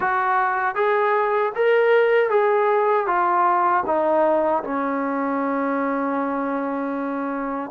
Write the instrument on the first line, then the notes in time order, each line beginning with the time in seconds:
trombone
0.00 F#4
0.75 G#4
1.55 A#4
2.30 G#4
3.06 F4
3.86 D#4
4.63 C#4